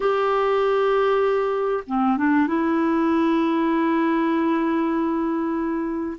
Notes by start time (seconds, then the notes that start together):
0.00 G4
1.86 C4
2.17 D4
2.47 E4